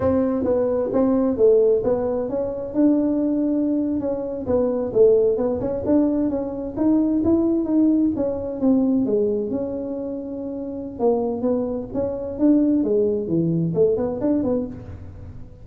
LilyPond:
\new Staff \with { instrumentName = "tuba" } { \time 4/4 \tempo 4 = 131 c'4 b4 c'4 a4 | b4 cis'4 d'2~ | d'8. cis'4 b4 a4 b16~ | b16 cis'8 d'4 cis'4 dis'4 e'16~ |
e'8. dis'4 cis'4 c'4 gis16~ | gis8. cis'2.~ cis'16 | ais4 b4 cis'4 d'4 | gis4 e4 a8 b8 d'8 b8 | }